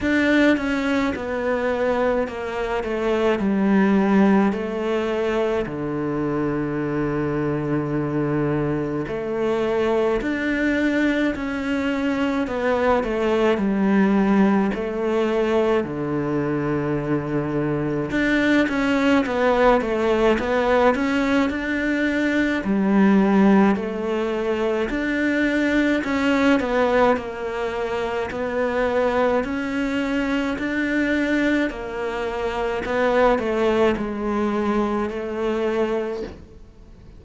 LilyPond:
\new Staff \with { instrumentName = "cello" } { \time 4/4 \tempo 4 = 53 d'8 cis'8 b4 ais8 a8 g4 | a4 d2. | a4 d'4 cis'4 b8 a8 | g4 a4 d2 |
d'8 cis'8 b8 a8 b8 cis'8 d'4 | g4 a4 d'4 cis'8 b8 | ais4 b4 cis'4 d'4 | ais4 b8 a8 gis4 a4 | }